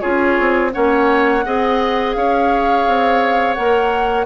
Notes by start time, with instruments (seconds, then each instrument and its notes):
0.00 bassoon C#4, clarinet F4, oboe G#4, flute C#5
0.39 bassoon C4
0.72 bassoon A#3, clarinet C#4, oboe C#5, flute F#5
1.45 bassoon C4, clarinet G#4, oboe D#5
2.13 bassoon C#4, oboe C#5, flute F5
2.87 bassoon C4
3.54 bassoon A#3, clarinet A#4, flute F#5